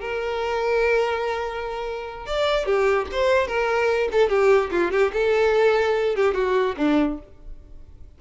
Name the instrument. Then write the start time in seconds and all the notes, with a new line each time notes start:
violin
0.00 A#4
2.26 D5
2.65 G4
3.12 C5
3.47 A#4
4.11 A4
4.29 G4
4.71 F4
4.91 G4
5.13 A4
6.16 G4
6.34 F#4
6.77 D4